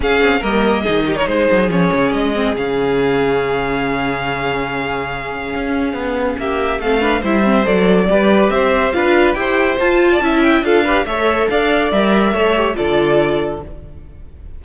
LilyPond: <<
  \new Staff \with { instrumentName = "violin" } { \time 4/4 \tempo 4 = 141 f''4 dis''4.~ dis''16 cis''16 c''4 | cis''4 dis''4 f''2~ | f''1~ | f''2. e''4 |
f''4 e''4 d''2 | e''4 f''4 g''4 a''4~ | a''8 g''8 f''4 e''4 f''4 | e''2 d''2 | }
  \new Staff \with { instrumentName = "violin" } { \time 4/4 gis'4 ais'4 gis'8 g'16 ais'16 gis'4~ | gis'1~ | gis'1~ | gis'2. g'4 |
a'8 b'8 c''2 b'4 | c''4 b'4 c''4.~ c''16 d''16 | e''4 a'8 b'8 cis''4 d''4~ | d''4 cis''4 a'2 | }
  \new Staff \with { instrumentName = "viola" } { \time 4/4 cis'4 ais4 dis'2 | cis'4. c'8 cis'2~ | cis'1~ | cis'1 |
c'8 d'8 e'8 c'8 a'4 g'4~ | g'4 f'4 g'4 f'4 | e'4 f'8 g'8 a'2 | ais'4 a'8 g'8 f'2 | }
  \new Staff \with { instrumentName = "cello" } { \time 4/4 cis'8 c'8 g4 dis4 gis8 fis8 | f8 cis8 gis4 cis2~ | cis1~ | cis4 cis'4 b4 ais4 |
a4 g4 fis4 g4 | c'4 d'4 e'4 f'4 | cis'4 d'4 a4 d'4 | g4 a4 d2 | }
>>